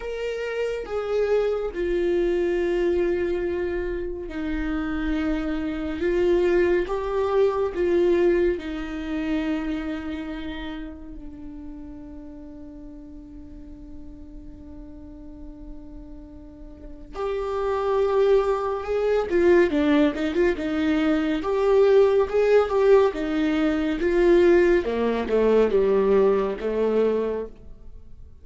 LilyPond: \new Staff \with { instrumentName = "viola" } { \time 4/4 \tempo 4 = 70 ais'4 gis'4 f'2~ | f'4 dis'2 f'4 | g'4 f'4 dis'2~ | dis'4 d'2.~ |
d'1 | g'2 gis'8 f'8 d'8 dis'16 f'16 | dis'4 g'4 gis'8 g'8 dis'4 | f'4 ais8 a8 g4 a4 | }